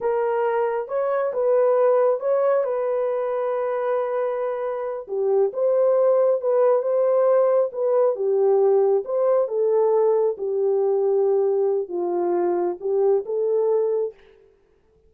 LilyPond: \new Staff \with { instrumentName = "horn" } { \time 4/4 \tempo 4 = 136 ais'2 cis''4 b'4~ | b'4 cis''4 b'2~ | b'2.~ b'8 g'8~ | g'8 c''2 b'4 c''8~ |
c''4. b'4 g'4.~ | g'8 c''4 a'2 g'8~ | g'2. f'4~ | f'4 g'4 a'2 | }